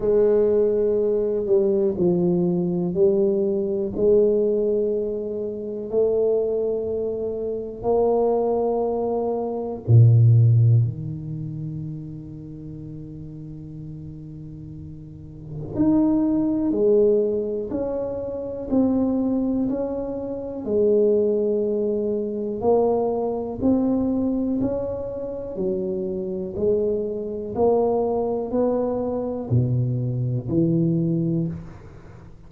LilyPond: \new Staff \with { instrumentName = "tuba" } { \time 4/4 \tempo 4 = 61 gis4. g8 f4 g4 | gis2 a2 | ais2 ais,4 dis4~ | dis1 |
dis'4 gis4 cis'4 c'4 | cis'4 gis2 ais4 | c'4 cis'4 fis4 gis4 | ais4 b4 b,4 e4 | }